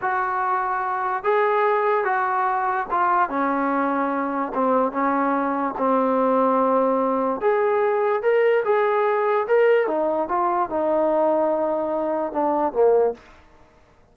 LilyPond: \new Staff \with { instrumentName = "trombone" } { \time 4/4 \tempo 4 = 146 fis'2. gis'4~ | gis'4 fis'2 f'4 | cis'2. c'4 | cis'2 c'2~ |
c'2 gis'2 | ais'4 gis'2 ais'4 | dis'4 f'4 dis'2~ | dis'2 d'4 ais4 | }